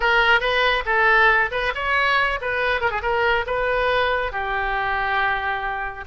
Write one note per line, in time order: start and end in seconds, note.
0.00 0.40 A#4
0.40 0.83 B4
0.85 1.50 A4
1.51 1.72 B4
1.74 2.39 C#5
2.41 2.81 B4
2.81 2.90 A#4
2.90 3.01 G#4
3.02 3.45 A#4
3.46 4.32 B4
4.32 6.04 G4